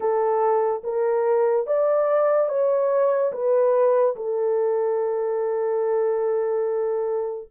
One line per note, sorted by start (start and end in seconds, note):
0.00 0.83 A4
0.83 1.67 A#4
1.67 2.48 D5
2.48 3.31 C#5
3.32 4.15 B4
4.16 7.49 A4